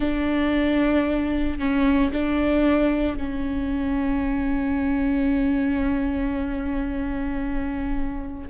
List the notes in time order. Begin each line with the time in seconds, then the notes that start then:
0.00 D4
1.59 C#4
2.12 D4
3.17 C#4